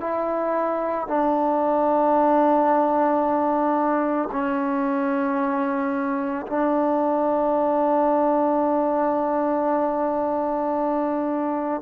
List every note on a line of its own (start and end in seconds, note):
0.00 1.07 E4
1.08 4.29 D4
4.32 6.46 C#4
6.47 11.81 D4